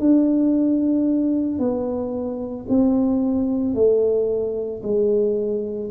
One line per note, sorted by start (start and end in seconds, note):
0.00 1.59 D4
1.59 2.66 B3
2.69 3.75 C4
3.75 4.82 A3
4.83 5.90 G#3